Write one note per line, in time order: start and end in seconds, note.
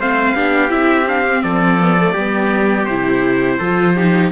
0.00 0.36 A3
0.00 0.36 C4
0.00 0.36 C5
0.00 0.72 F5
0.36 0.71 B3
0.36 0.69 D4
0.36 1.44 G4
0.69 1.44 C4
0.69 1.06 E4
0.69 1.08 E5
1.07 1.25 D4
1.07 1.43 F5
1.29 1.80 C4
1.43 2.15 F3
1.43 2.13 A4
1.43 2.86 D5
1.80 1.98 B3
1.99 2.17 A3
2.13 2.87 G3
2.13 2.90 B3
2.13 3.58 G4
2.86 3.59 C3
2.86 3.62 E4
2.86 4.30 C5
3.59 4.32 F3
3.59 3.97 F4
3.59 3.95 A4
3.96 4.32 D#4
3.96 4.32 G4